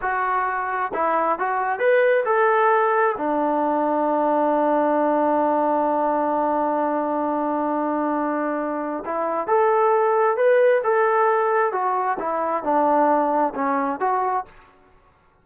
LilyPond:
\new Staff \with { instrumentName = "trombone" } { \time 4/4 \tempo 4 = 133 fis'2 e'4 fis'4 | b'4 a'2 d'4~ | d'1~ | d'1~ |
d'1 | e'4 a'2 b'4 | a'2 fis'4 e'4 | d'2 cis'4 fis'4 | }